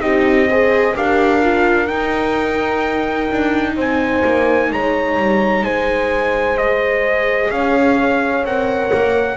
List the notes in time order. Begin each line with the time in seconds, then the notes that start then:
0.00 C4 D#4 G4 D#5
0.49 G#4 C5
0.96 D4 G4 A#4 F5
1.42 F4
1.87 D#4 G5
3.31 D4
3.76 C4 C5 G#5
4.24 A#3
4.71 G#3 C#5 A#5
5.17 G3
5.62 G#3 C5 G#5
6.57 G#4 D#5
7.51 C#4 C#5 F5
8.44 C4 A#4 F#5
8.93 A#3